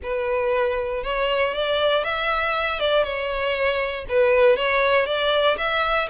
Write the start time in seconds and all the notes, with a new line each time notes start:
0.02 B4
1.03 C#5
1.54 D5
2.03 E5
2.79 D5
3.03 C#5
4.09 B4
4.56 C#5
5.06 D5
5.57 E5